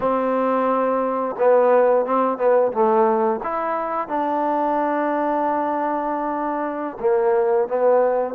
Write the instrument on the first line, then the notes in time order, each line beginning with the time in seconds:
trombone
0.00 C4
1.38 B3
2.05 C4
2.37 B3
2.72 A3
3.43 E4
4.08 D4
6.99 A#3
7.68 B3